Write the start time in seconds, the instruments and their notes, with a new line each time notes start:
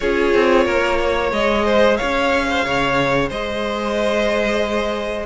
0.00 cello C#4, viola F4, violin G#4 C#5
0.34 cello C4
0.65 cello A#3, violin A#4
1.00 violin C#5
1.32 cello G#3, viola G#4, violin D#5
1.65 violin C5
1.96 cello C#4, violin C#5 F5
2.49 violin C5
2.65 cello C#3, violin C#5
3.28 cello G#3, violin C5 D#5